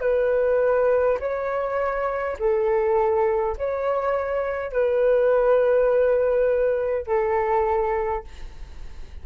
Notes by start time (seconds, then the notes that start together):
0.00 B4
1.19 C#5
2.39 A4
3.57 C#5
4.72 B4
7.06 A4